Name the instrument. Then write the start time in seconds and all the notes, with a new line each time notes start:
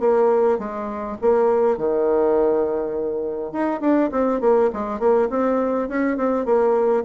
bassoon
0.00 A#3
0.59 G#3
1.22 A#3
1.78 D#3
3.52 D#4
3.81 D4
4.12 C4
4.41 A#3
4.74 G#3
5.00 A#3
5.30 C4
5.89 C#4
6.18 C4
6.46 A#3